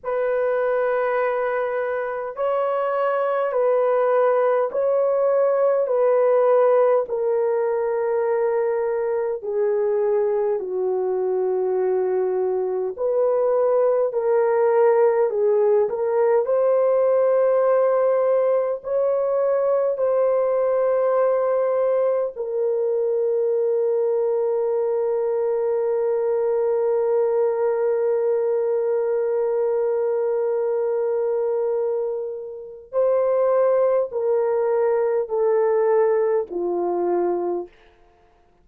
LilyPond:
\new Staff \with { instrumentName = "horn" } { \time 4/4 \tempo 4 = 51 b'2 cis''4 b'4 | cis''4 b'4 ais'2 | gis'4 fis'2 b'4 | ais'4 gis'8 ais'8 c''2 |
cis''4 c''2 ais'4~ | ais'1~ | ais'1 | c''4 ais'4 a'4 f'4 | }